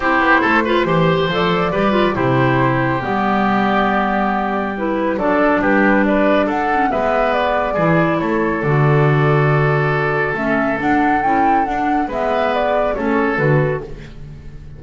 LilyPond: <<
  \new Staff \with { instrumentName = "flute" } { \time 4/4 \tempo 4 = 139 c''2. d''4~ | d''4 c''2 d''4~ | d''2. b'4 | d''4 b'4 d''4 fis''4 |
e''4 d''2 cis''4 | d''1 | e''4 fis''4 g''4 fis''4 | e''4 d''4 cis''4 b'4 | }
  \new Staff \with { instrumentName = "oboe" } { \time 4/4 g'4 a'8 b'8 c''2 | b'4 g'2.~ | g'1 | a'4 g'4 b'4 a'4 |
b'2 gis'4 a'4~ | a'1~ | a'1 | b'2 a'2 | }
  \new Staff \with { instrumentName = "clarinet" } { \time 4/4 e'4. f'8 g'4 a'4 | g'8 f'8 e'2 b4~ | b2. e'4 | d'2.~ d'8 cis'8 |
b2 e'2 | fis'1 | cis'4 d'4 e'4 d'4 | b2 cis'4 fis'4 | }
  \new Staff \with { instrumentName = "double bass" } { \time 4/4 c'8 b8 a4 e4 f4 | g4 c2 g4~ | g1 | fis4 g2 d'4 |
gis2 e4 a4 | d1 | a4 d'4 cis'4 d'4 | gis2 a4 d4 | }
>>